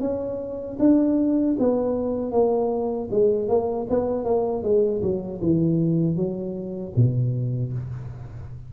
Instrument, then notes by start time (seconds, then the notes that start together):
tuba
0.00 C#4
0.79 D4
1.59 B3
2.31 A#3
3.10 G#3
3.48 A#3
3.89 B3
4.24 A#3
4.63 G#3
5.02 F#3
5.41 E3
6.16 F#3
6.95 B2